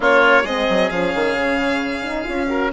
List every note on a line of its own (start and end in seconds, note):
0.00 0.44 A#3
0.00 0.45 C#4
0.00 0.43 F4
0.00 0.45 C#5
0.43 0.66 G#3
0.43 0.90 C4
0.43 2.46 G#4
0.43 0.90 D#5
0.69 0.90 F#3
0.90 1.13 F3
0.90 2.02 C#4
0.90 2.70 F5
1.15 1.34 D#3
1.34 2.25 C#3
2.02 2.23 D#4
2.23 2.72 C#4
2.23 2.46 F4
2.48 2.70 F#4
2.48 2.71 A#4